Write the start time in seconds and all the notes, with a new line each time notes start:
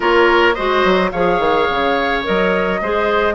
0.00 A#3 F4 A#4 C#5
0.54 G#3 F#4 C5 D#5
0.84 F#3
1.11 F3 G#4 C#5 F5
1.39 D#3
1.69 C#3
2.23 F#3 A#4 D#5
2.81 G#3 G#4 C5